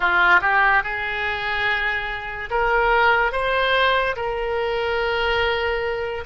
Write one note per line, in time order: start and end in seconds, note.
0.00 0.40 F4
0.41 0.83 G4
0.83 2.49 G#4
2.50 3.32 A#4
3.32 4.15 C5
4.16 6.24 A#4